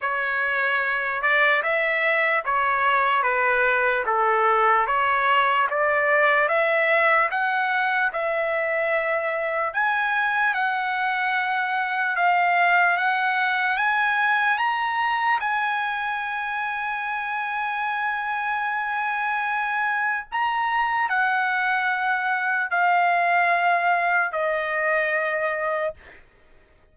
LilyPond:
\new Staff \with { instrumentName = "trumpet" } { \time 4/4 \tempo 4 = 74 cis''4. d''8 e''4 cis''4 | b'4 a'4 cis''4 d''4 | e''4 fis''4 e''2 | gis''4 fis''2 f''4 |
fis''4 gis''4 ais''4 gis''4~ | gis''1~ | gis''4 ais''4 fis''2 | f''2 dis''2 | }